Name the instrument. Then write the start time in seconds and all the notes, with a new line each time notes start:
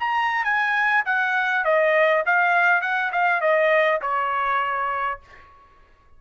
trumpet
0.00 A#5
0.44 G#5
1.05 F#5
1.64 D#5
2.26 F5
2.81 F#5
3.12 F5
3.41 D#5
4.02 C#5